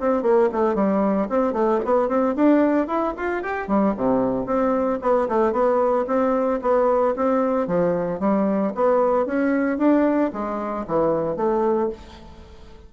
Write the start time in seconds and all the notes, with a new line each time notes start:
0.00 C4
0.23 A#3
0.52 A3
0.75 G3
1.29 C4
1.53 A3
1.85 B3
2.09 C4
2.36 D4
2.87 E4
3.17 F4
3.42 G4
3.68 G3
3.97 C3
4.46 C4
5.02 B3
5.28 A3
5.53 B3
6.07 C4
6.62 B3
7.16 C4
7.67 F3
8.20 G3
8.75 B3
9.26 C#4
9.78 D4
10.33 G#3
10.87 E3
11.36 A3